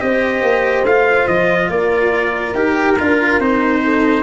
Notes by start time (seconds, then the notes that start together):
0.00 C4 G4 C5 D#5
0.42 A#3
0.85 A3 F4 F5
1.28 F3 D#5
1.69 A#3 A#4 D5
2.54 D#4 G4 A#4
3.00 D4 F4
3.40 C4 D#4 C5
3.85 A4